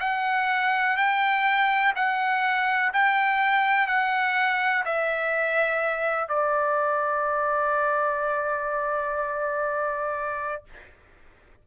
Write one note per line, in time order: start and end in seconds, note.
0.00 0.96 F#5
0.96 1.93 G5
1.95 2.92 F#5
2.93 3.87 G5
3.87 4.84 F#5
4.85 6.28 E5
6.28 10.64 D5